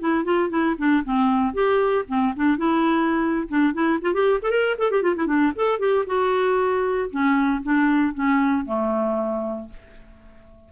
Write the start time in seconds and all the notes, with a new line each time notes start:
0.00 E4
0.25 F4
0.50 E4
0.78 D4
1.05 C4
1.54 G4
2.09 C4
2.37 D4
2.58 E4
3.49 D4
3.74 E4
4.02 F4
4.14 G4
4.43 A4
4.51 A#4
4.78 A4
4.91 G4
5.03 F4
5.17 E4
5.27 D4
5.56 A4
5.80 G4
6.07 F#4
7.11 C#4
7.63 D4
8.14 C#4
8.66 A3